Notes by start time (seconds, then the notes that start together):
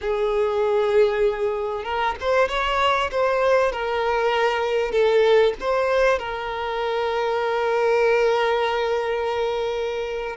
0.01 G#4
1.84 A#4
2.20 C5
2.48 C#5
3.11 C5
3.72 A#4
4.91 A4
5.60 C5
6.18 A#4